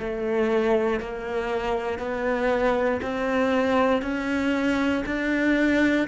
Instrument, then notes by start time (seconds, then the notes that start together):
cello
0.00 A3
1.00 A#3
1.99 B3
3.02 C4
4.02 C#4
5.06 D4